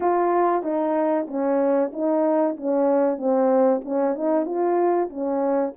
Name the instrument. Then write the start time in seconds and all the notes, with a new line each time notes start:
horn
0.00 F4
0.62 D#4
1.27 C#4
1.92 D#4
2.56 C#4
3.17 C4
3.84 C#4
4.15 D#4
4.45 F4
5.09 C#4